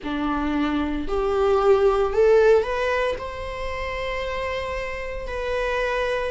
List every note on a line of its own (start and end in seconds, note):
0.03 1.08 D4
1.08 2.13 G4
2.13 2.63 A4
2.63 3.15 B4
3.18 5.27 C5
5.27 6.31 B4